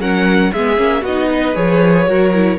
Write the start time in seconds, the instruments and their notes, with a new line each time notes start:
0.00 cello F#3, viola C#4, violin A#4 F#5
0.53 cello G#3, viola B3, violin G#4 E5
0.77 cello A#3, viola C#4
1.02 cello B3, violin F#4 D#5
1.08 viola D#4
1.31 violin B4
1.55 cello F3, viola G#4, violin C#5
2.06 cello F#3, viola F#4, violin A#4
2.34 viola E4